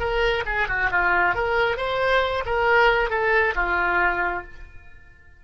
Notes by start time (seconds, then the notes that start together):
0.00 A#4
0.46 G#4
0.68 F#4
0.92 F4
1.35 A#4
1.78 C5
2.46 A#4
3.10 A4
3.56 F4